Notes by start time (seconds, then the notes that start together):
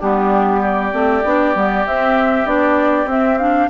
0.00 G3 B3 D4 G4
0.61 G4 D5
0.92 A3 C4
1.24 B3 D4
1.55 G3 B3
1.86 C4 E5
2.46 B3 D4 D5
3.06 C4 E5
3.38 D4 F5